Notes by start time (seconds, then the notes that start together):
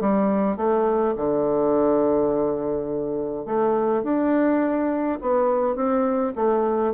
0.00 G3
0.56 A3
1.16 D3
3.45 A3
4.03 D4
5.21 B3
5.75 C4
6.35 A3